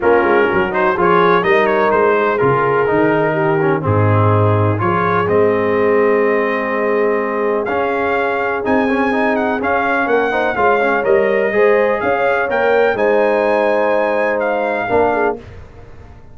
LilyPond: <<
  \new Staff \with { instrumentName = "trumpet" } { \time 4/4 \tempo 4 = 125 ais'4. c''8 cis''4 dis''8 cis''8 | c''4 ais'2. | gis'2 cis''4 dis''4~ | dis''1 |
f''2 gis''4. fis''8 | f''4 fis''4 f''4 dis''4~ | dis''4 f''4 g''4 gis''4~ | gis''2 f''2 | }
  \new Staff \with { instrumentName = "horn" } { \time 4/4 f'4 fis'4 gis'4 ais'4~ | ais'8 gis'2~ gis'8 g'4 | dis'2 gis'2~ | gis'1~ |
gis'1~ | gis'4 ais'8 c''8 cis''2 | c''4 cis''2 c''4~ | c''2. ais'8 gis'8 | }
  \new Staff \with { instrumentName = "trombone" } { \time 4/4 cis'4. dis'8 f'4 dis'4~ | dis'4 f'4 dis'4. cis'8 | c'2 f'4 c'4~ | c'1 |
cis'2 dis'8 cis'8 dis'4 | cis'4. dis'8 f'8 cis'8 ais'4 | gis'2 ais'4 dis'4~ | dis'2. d'4 | }
  \new Staff \with { instrumentName = "tuba" } { \time 4/4 ais8 gis8 fis4 f4 g4 | gis4 cis4 dis2 | gis,2 f4 gis4~ | gis1 |
cis'2 c'2 | cis'4 ais4 gis4 g4 | gis4 cis'4 ais4 gis4~ | gis2. ais4 | }
>>